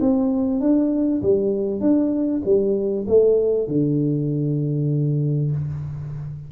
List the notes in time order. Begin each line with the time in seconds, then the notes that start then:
0.00 C4
0.60 D4
1.22 G3
1.80 D4
2.44 G3
3.08 A3
3.67 D3